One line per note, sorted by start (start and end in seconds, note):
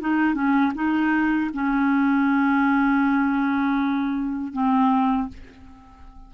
0.00 0.35 D#4
0.35 0.72 C#4
0.75 1.51 D#4
1.53 4.53 C#4
4.53 5.29 C4